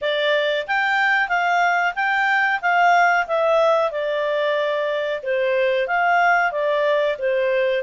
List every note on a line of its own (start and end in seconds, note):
0.01 0.66 D5
0.67 1.28 G5
1.28 1.93 F5
1.95 2.60 G5
2.61 3.26 F5
3.27 3.91 E5
3.91 5.21 D5
5.22 5.87 C5
5.87 6.51 F5
6.51 7.16 D5
7.18 7.83 C5